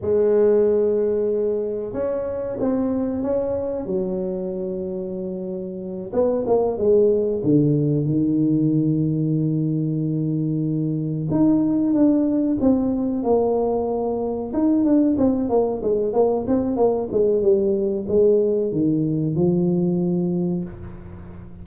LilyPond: \new Staff \with { instrumentName = "tuba" } { \time 4/4 \tempo 4 = 93 gis2. cis'4 | c'4 cis'4 fis2~ | fis4. b8 ais8 gis4 d8~ | d8 dis2.~ dis8~ |
dis4. dis'4 d'4 c'8~ | c'8 ais2 dis'8 d'8 c'8 | ais8 gis8 ais8 c'8 ais8 gis8 g4 | gis4 dis4 f2 | }